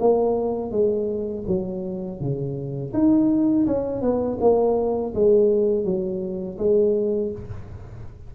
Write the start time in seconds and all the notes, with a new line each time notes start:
0.00 A#3
0.72 G#3
1.48 F#3
2.20 C#3
2.94 D#4
3.67 C#4
4.02 B3
4.41 A#3
5.15 G#3
5.85 F#3
6.59 G#3